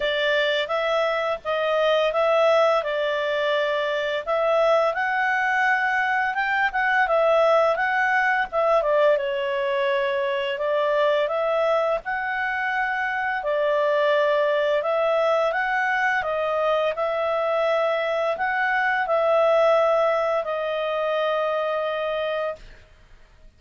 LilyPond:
\new Staff \with { instrumentName = "clarinet" } { \time 4/4 \tempo 4 = 85 d''4 e''4 dis''4 e''4 | d''2 e''4 fis''4~ | fis''4 g''8 fis''8 e''4 fis''4 | e''8 d''8 cis''2 d''4 |
e''4 fis''2 d''4~ | d''4 e''4 fis''4 dis''4 | e''2 fis''4 e''4~ | e''4 dis''2. | }